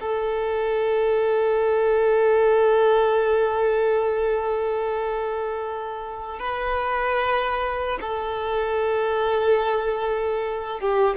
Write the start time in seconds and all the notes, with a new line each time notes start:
0.00 A4
6.39 B4
8.00 A4
10.80 G4